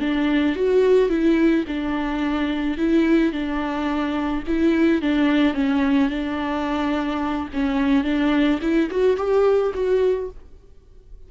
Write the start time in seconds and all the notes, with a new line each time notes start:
0.00 D4
0.55 F#4
1.09 E4
1.67 D4
2.78 E4
3.32 D4
4.47 E4
5.02 D4
5.54 C#4
6.10 D4
7.53 C#4
8.04 D4
8.61 E4
8.90 F#4
9.17 G4
9.74 F#4